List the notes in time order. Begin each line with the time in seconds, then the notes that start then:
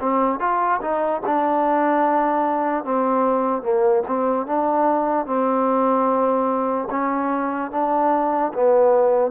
0.00 C4
0.39 F4
0.81 D#4
1.26 D4
2.84 C4
3.62 A#3
4.07 C4
4.46 D4
5.26 C4
6.90 C#4
7.71 D4
8.53 B3